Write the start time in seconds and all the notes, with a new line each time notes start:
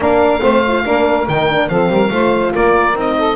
0.00 A#3 D4 A#4 F5
0.41 A3 C4 C5
0.67 F4
0.85 A#3 D4 A#4
1.28 D#3 D#4 G5
1.49 D4
1.68 F3 C4 A4 F5
1.89 G3 A#4
2.09 A3 F4 C5
2.53 A#3 A#4 D5
2.94 C4 D#4 D#5
3.17 A4